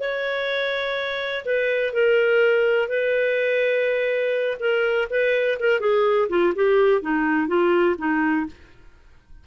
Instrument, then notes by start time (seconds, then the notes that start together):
clarinet
0.00 C#5
1.45 B4
1.93 A#4
2.88 B4
4.60 A#4
5.10 B4
5.60 A#4
5.80 G#4
6.29 F4
6.56 G4
7.02 D#4
7.48 F4
7.98 D#4